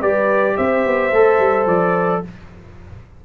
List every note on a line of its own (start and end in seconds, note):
0.00 0.56 G3
0.00 1.12 G4
0.00 0.56 B4
0.00 0.57 D5
0.57 0.86 C4
0.57 2.23 C5
0.57 1.67 E5
0.86 1.12 B3
1.12 1.39 A3
1.12 2.25 A4
1.39 1.66 G3
1.66 2.22 F3
1.66 2.23 D5